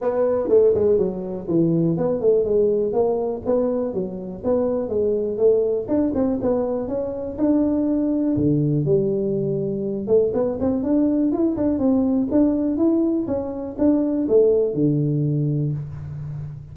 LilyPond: \new Staff \with { instrumentName = "tuba" } { \time 4/4 \tempo 4 = 122 b4 a8 gis8 fis4 e4 | b8 a8 gis4 ais4 b4 | fis4 b4 gis4 a4 | d'8 c'8 b4 cis'4 d'4~ |
d'4 d4 g2~ | g8 a8 b8 c'8 d'4 e'8 d'8 | c'4 d'4 e'4 cis'4 | d'4 a4 d2 | }